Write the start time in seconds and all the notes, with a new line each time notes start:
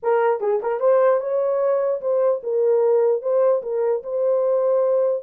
0.02 A#4
0.40 G#4
0.62 A#4
0.80 C5
1.20 C#5
2.01 C5
2.43 A#4
3.21 C5
3.62 A#4
4.03 C5